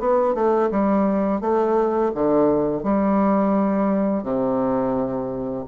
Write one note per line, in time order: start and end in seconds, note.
0.00 0.35 B3
0.35 0.70 A3
0.71 1.41 G3
1.41 2.12 A3
2.15 2.84 D3
2.84 4.24 G3
4.24 5.65 C3